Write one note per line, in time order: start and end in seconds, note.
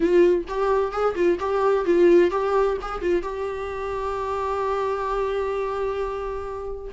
0.00 0.44 F4
0.47 0.91 G4
0.91 1.15 G#4
1.15 1.38 F4
1.39 1.85 G4
1.85 2.31 F4
2.31 2.77 G4
2.81 3.01 G#4
3.01 3.22 F4
3.22 6.91 G4